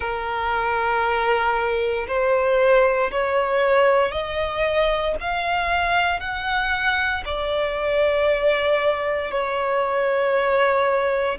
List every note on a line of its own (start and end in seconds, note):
0.00 2.06 A#4
2.07 3.10 C5
3.11 4.11 C#5
4.11 5.14 D#5
5.20 6.20 F5
6.20 7.23 F#5
7.25 9.31 D5
9.31 11.38 C#5